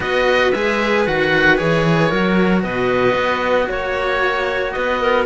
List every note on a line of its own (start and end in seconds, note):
0.00 0.52 B3
0.00 0.52 F#4
0.00 2.08 B4
0.00 0.51 D#5
0.51 1.07 G#3
0.51 1.06 G#4
0.51 1.04 E5
1.06 1.59 D#3
1.06 1.57 F#4
1.06 1.57 F#5
1.57 2.11 E3
1.57 2.10 G#4
1.57 2.62 C#5
2.08 2.63 F#3
2.08 5.25 F#4
2.08 2.61 A#4
2.62 3.13 B2
2.62 3.67 B4
2.62 3.68 D#5
3.13 3.66 B3
3.68 4.75 A#3
3.68 4.73 C#5
3.68 4.71 C#5
4.71 5.25 B3
4.71 5.00 B4
4.71 5.24 D#5
5.00 5.25 A#4